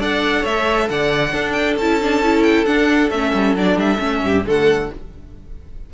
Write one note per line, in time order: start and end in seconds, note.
0.00 0.44 D4
0.00 1.34 A4
0.00 0.41 D5
0.00 0.45 F#5
0.41 0.89 A3
0.41 0.85 C#5
0.41 0.89 E5
0.89 1.33 D3
0.89 1.33 D5
0.89 1.52 F#5
1.33 1.76 D4
1.33 1.80 D4
1.33 4.21 A4
1.52 1.74 G5
1.76 2.65 C#4
1.76 2.01 E4
1.76 2.43 A5
2.01 2.23 D4
2.23 2.66 E4
2.43 2.65 G5
2.66 3.10 D4
2.66 3.10 F#5
3.10 3.33 A3
3.10 3.57 C#4
3.10 3.55 E5
3.34 3.55 G3
3.55 3.76 F#3
3.55 3.98 D4
3.55 3.79 D5
3.76 3.98 G3
3.76 4.46 E5
3.98 4.22 A3
3.98 4.42 C#4
4.23 4.45 G2
4.23 4.46 G4
4.45 4.90 D3
4.45 4.91 A3
4.45 4.91 A4
4.45 4.93 F#5